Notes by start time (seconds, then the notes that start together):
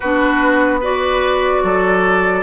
0.00 B3 D4 F#4 B4
0.80 F#4 B4 D5
1.63 F#3 A4